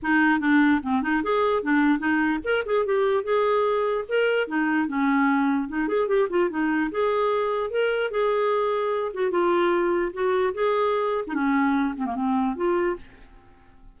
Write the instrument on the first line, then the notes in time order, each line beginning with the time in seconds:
clarinet
0.02 D#4
0.40 D4
0.82 C4
1.02 D#4
1.23 G#4
1.63 D4
1.98 D#4
2.43 A#4
2.65 G#4
2.85 G4
3.23 G#4
4.08 A#4
4.47 D#4
4.87 C#4
5.68 D#4
5.88 G#4
6.07 G4
6.29 F4
6.50 D#4
6.91 G#4
7.70 A#4
8.10 G#4
9.13 F#4
9.30 F4
10.13 F#4
10.54 G#4
11.27 D#4
11.34 C#4
11.97 C4
12.06 A#3
12.15 C4
12.56 F4